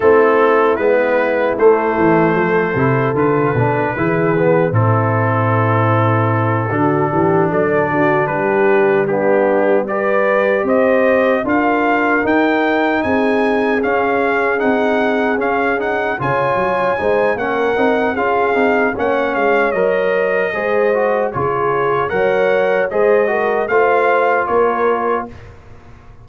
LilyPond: <<
  \new Staff \with { instrumentName = "trumpet" } { \time 4/4 \tempo 4 = 76 a'4 b'4 c''2 | b'2 a'2~ | a'4. d''4 b'4 g'8~ | g'8 d''4 dis''4 f''4 g''8~ |
g''8 gis''4 f''4 fis''4 f''8 | fis''8 gis''4. fis''4 f''4 | fis''8 f''8 dis''2 cis''4 | fis''4 dis''4 f''4 cis''4 | }
  \new Staff \with { instrumentName = "horn" } { \time 4/4 e'2. a'4~ | a'4 gis'4 e'2~ | e'8 fis'8 g'8 a'8 fis'8 g'4 d'8~ | d'8 b'4 c''4 ais'4.~ |
ais'8 gis'2.~ gis'8~ | gis'8 cis''4 c''8 ais'4 gis'4 | cis''2 c''4 gis'4 | cis''4 c''8 ais'8 c''4 ais'4 | }
  \new Staff \with { instrumentName = "trombone" } { \time 4/4 c'4 b4 a4. e'8 | f'8 d'8 e'8 b8 c'2~ | c'8 d'2. b8~ | b8 g'2 f'4 dis'8~ |
dis'4. cis'4 dis'4 cis'8 | dis'8 f'4 dis'8 cis'8 dis'8 f'8 dis'8 | cis'4 ais'4 gis'8 fis'8 f'4 | ais'4 gis'8 fis'8 f'2 | }
  \new Staff \with { instrumentName = "tuba" } { \time 4/4 a4 gis4 a8 e8 f8 c8 | d8 b,8 e4 a,2~ | a,8 d8 e8 fis8 d8 g4.~ | g4. c'4 d'4 dis'8~ |
dis'8 c'4 cis'4 c'4 cis'8~ | cis'8 cis8 fis8 gis8 ais8 c'8 cis'8 c'8 | ais8 gis8 fis4 gis4 cis4 | fis4 gis4 a4 ais4 | }
>>